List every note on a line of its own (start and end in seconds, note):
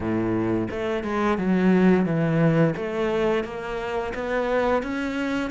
0.00 0.67 A2
0.71 1.03 A3
1.03 1.38 G#3
1.38 2.05 F#3
2.05 2.74 E3
2.76 3.44 A3
3.44 4.13 A#3
4.14 4.82 B3
4.82 5.50 C#4